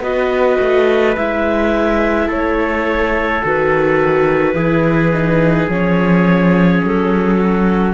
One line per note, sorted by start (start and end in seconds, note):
0.00 0.57 B3
0.00 1.15 F#4
0.00 2.27 B4
0.00 1.15 D#5
0.60 1.16 A3
1.15 2.29 G#3
1.15 3.42 E4
1.15 2.29 E5
2.27 3.42 A3
2.27 4.54 A4
2.27 3.44 C#5
3.42 4.53 D#3
3.42 4.54 F#4
3.42 5.70 B4
4.53 5.67 E3
4.53 5.11 E4
4.53 7.37 G#4
5.13 5.70 D#4
5.68 6.81 F3
5.68 7.93 C#4
5.68 6.83 C#5
6.84 7.93 F#3
6.84 7.93 A4
7.39 7.93 F#4